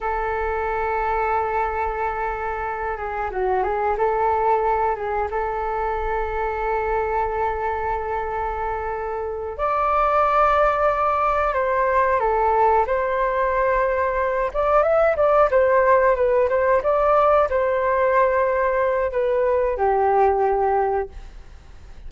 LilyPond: \new Staff \with { instrumentName = "flute" } { \time 4/4 \tempo 4 = 91 a'1~ | a'8 gis'8 fis'8 gis'8 a'4. gis'8 | a'1~ | a'2~ a'8 d''4.~ |
d''4. c''4 a'4 c''8~ | c''2 d''8 e''8 d''8 c''8~ | c''8 b'8 c''8 d''4 c''4.~ | c''4 b'4 g'2 | }